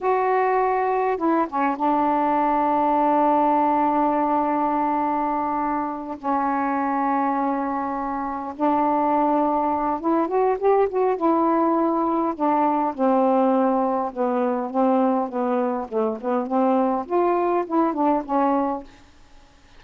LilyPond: \new Staff \with { instrumentName = "saxophone" } { \time 4/4 \tempo 4 = 102 fis'2 e'8 cis'8 d'4~ | d'1~ | d'2~ d'8 cis'4.~ | cis'2~ cis'8 d'4.~ |
d'4 e'8 fis'8 g'8 fis'8 e'4~ | e'4 d'4 c'2 | b4 c'4 b4 a8 b8 | c'4 f'4 e'8 d'8 cis'4 | }